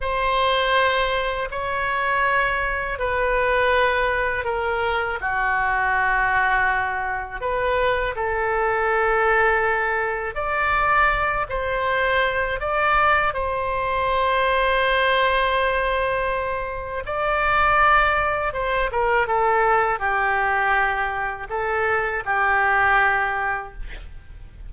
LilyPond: \new Staff \with { instrumentName = "oboe" } { \time 4/4 \tempo 4 = 81 c''2 cis''2 | b'2 ais'4 fis'4~ | fis'2 b'4 a'4~ | a'2 d''4. c''8~ |
c''4 d''4 c''2~ | c''2. d''4~ | d''4 c''8 ais'8 a'4 g'4~ | g'4 a'4 g'2 | }